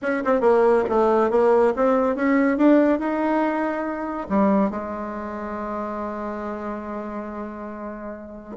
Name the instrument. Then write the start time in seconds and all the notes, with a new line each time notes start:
bassoon
0.02 C#4
0.25 C4
0.41 A#3
0.89 A3
1.30 A#3
1.76 C4
2.15 C#4
2.57 D4
2.99 D#4
4.29 G3
4.70 G#3